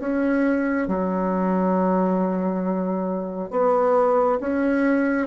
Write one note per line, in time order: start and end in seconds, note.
0.00 0.88 C#4
0.88 3.51 F#3
3.51 4.39 B3
4.40 5.27 C#4